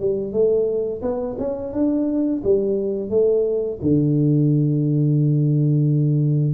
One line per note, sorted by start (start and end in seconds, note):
0.00 0.32 G3
0.32 1.01 A3
1.02 1.36 B3
1.38 1.72 C#4
1.73 2.42 D4
2.43 3.09 G3
3.09 3.78 A3
3.81 6.54 D3